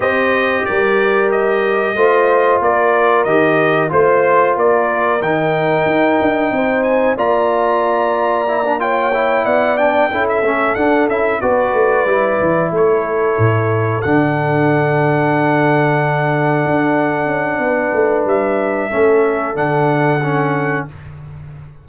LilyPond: <<
  \new Staff \with { instrumentName = "trumpet" } { \time 4/4 \tempo 4 = 92 dis''4 d''4 dis''2 | d''4 dis''4 c''4 d''4 | g''2~ g''8 gis''8 ais''4~ | ais''4. g''4 fis''8 g''8. e''16~ |
e''8 fis''8 e''8 d''2 cis''8~ | cis''4. fis''2~ fis''8~ | fis''1 | e''2 fis''2 | }
  \new Staff \with { instrumentName = "horn" } { \time 4/4 c''4 ais'2 c''4 | ais'2 c''4 ais'4~ | ais'2 c''4 d''4~ | d''4. cis''4 d''4 a'8~ |
a'4. b'2 a'8~ | a'1~ | a'2. b'4~ | b'4 a'2. | }
  \new Staff \with { instrumentName = "trombone" } { \time 4/4 g'2. f'4~ | f'4 g'4 f'2 | dis'2. f'4~ | f'4 e'16 d'16 f'8 e'4 d'8 e'8 |
cis'8 d'8 e'8 fis'4 e'4.~ | e'4. d'2~ d'8~ | d'1~ | d'4 cis'4 d'4 cis'4 | }
  \new Staff \with { instrumentName = "tuba" } { \time 4/4 c'4 g2 a4 | ais4 dis4 a4 ais4 | dis4 dis'8 d'8 c'4 ais4~ | ais2~ ais8 b4 cis'8 |
a8 d'8 cis'8 b8 a8 g8 e8 a8~ | a8 a,4 d2~ d8~ | d4. d'4 cis'8 b8 a8 | g4 a4 d2 | }
>>